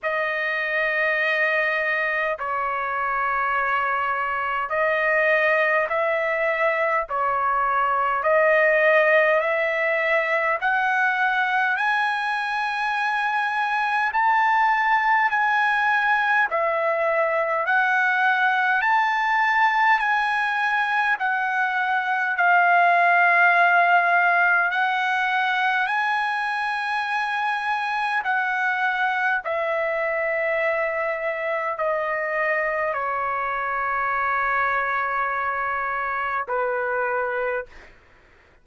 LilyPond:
\new Staff \with { instrumentName = "trumpet" } { \time 4/4 \tempo 4 = 51 dis''2 cis''2 | dis''4 e''4 cis''4 dis''4 | e''4 fis''4 gis''2 | a''4 gis''4 e''4 fis''4 |
a''4 gis''4 fis''4 f''4~ | f''4 fis''4 gis''2 | fis''4 e''2 dis''4 | cis''2. b'4 | }